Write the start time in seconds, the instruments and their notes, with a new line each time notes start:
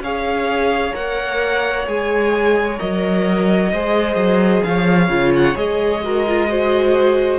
0.00 cello C#4, viola G#4, violin C#5 F5
0.93 cello A#3, viola A#4, violin F#5
1.86 cello G#3, viola G#4, violin G#5
2.78 cello F#3, viola A#4, violin D#5
3.72 cello G#3, viola G#4, violin C5
4.15 cello F#3
4.63 cello F3, violin C#5 F5
5.08 cello C#3, viola F4
5.36 violin F#5
5.55 cello G#3, viola G#4, violin D#5
6.03 viola F#4, violin A#4
6.27 viola F4
6.48 viola F#4, violin C5